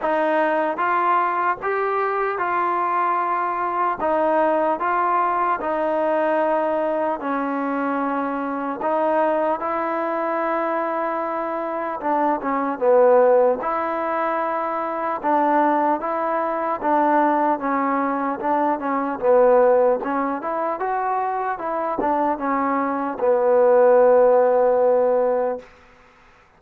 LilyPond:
\new Staff \with { instrumentName = "trombone" } { \time 4/4 \tempo 4 = 75 dis'4 f'4 g'4 f'4~ | f'4 dis'4 f'4 dis'4~ | dis'4 cis'2 dis'4 | e'2. d'8 cis'8 |
b4 e'2 d'4 | e'4 d'4 cis'4 d'8 cis'8 | b4 cis'8 e'8 fis'4 e'8 d'8 | cis'4 b2. | }